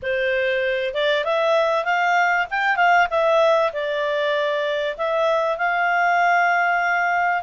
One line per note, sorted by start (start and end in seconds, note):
0.02 0.93 C5
0.93 1.24 D5
1.24 1.84 E5
1.84 2.46 F5
2.50 2.76 G5
2.76 3.07 F5
3.10 3.72 E5
3.73 4.96 D5
4.97 5.57 E5
5.57 7.43 F5